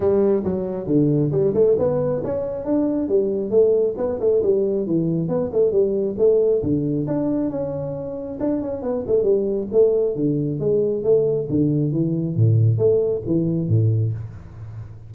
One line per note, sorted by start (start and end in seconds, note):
0.00 0.43 G3
0.44 0.86 F#3
0.86 1.31 D3
1.31 1.53 G3
1.54 1.76 A3
1.78 2.22 B3
2.24 2.64 C#4
2.64 3.08 D4
3.08 3.50 G3
3.50 3.94 A3
3.97 4.19 B3
4.20 4.42 A3
4.42 4.86 G3
4.86 5.28 E3
5.28 5.50 B3
5.52 5.71 A3
5.71 6.15 G3
6.17 6.62 A3
6.62 7.06 D3
7.07 7.50 D4
7.50 8.38 C#4
8.39 8.61 D4
8.61 8.82 C#4
8.82 9.04 B3
9.06 9.23 A3
9.23 9.67 G3
9.72 10.15 A3
10.15 10.59 D3
10.59 11.03 G#3
11.03 11.47 A3
11.49 11.92 D3
11.92 12.35 E3
12.35 12.77 A2
12.77 13.22 A3
13.26 13.68 E3
13.68 14.12 A2